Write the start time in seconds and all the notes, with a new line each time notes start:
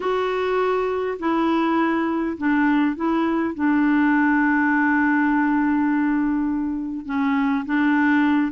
0.00 F#4
1.19 E4
2.37 D4
2.96 E4
3.54 D4
7.05 C#4
7.65 D4